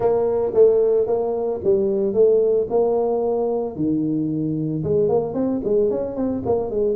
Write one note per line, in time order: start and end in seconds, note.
0.00 0.52 A#3
0.54 1.06 A3
1.06 1.60 A#3
1.63 2.13 G3
2.13 2.67 A3
2.69 3.76 A#3
3.76 4.83 D#3
4.83 5.08 G#3
5.08 5.34 A#3
5.34 5.60 C4
5.64 5.90 G#3
5.90 6.15 C#4
6.15 6.42 C4
6.45 6.70 A#3
6.70 6.95 G#3